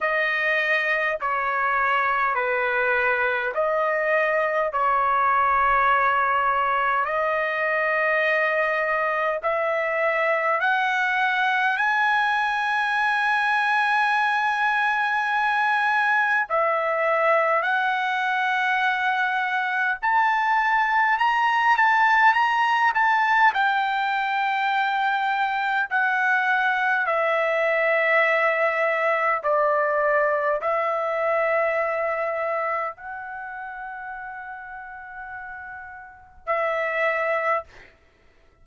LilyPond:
\new Staff \with { instrumentName = "trumpet" } { \time 4/4 \tempo 4 = 51 dis''4 cis''4 b'4 dis''4 | cis''2 dis''2 | e''4 fis''4 gis''2~ | gis''2 e''4 fis''4~ |
fis''4 a''4 ais''8 a''8 ais''8 a''8 | g''2 fis''4 e''4~ | e''4 d''4 e''2 | fis''2. e''4 | }